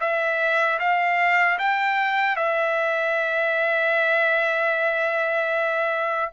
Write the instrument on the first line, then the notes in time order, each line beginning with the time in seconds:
trumpet
0.00 E5
0.79 F5
1.59 G5
2.36 E5